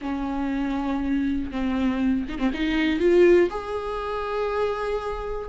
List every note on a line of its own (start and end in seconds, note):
0.01 1.51 C#4
1.51 2.26 C4
2.28 2.38 D#4
2.38 2.51 C4
2.53 2.99 D#4
2.99 3.49 F4
3.50 5.48 G#4